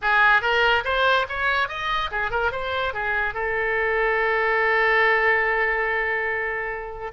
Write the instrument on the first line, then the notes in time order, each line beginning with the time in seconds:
oboe
0.01 G#4
0.41 A#4
0.84 C5
1.28 C#5
1.68 D#5
2.11 G#4
2.30 A#4
2.51 C5
2.93 G#4
3.34 A4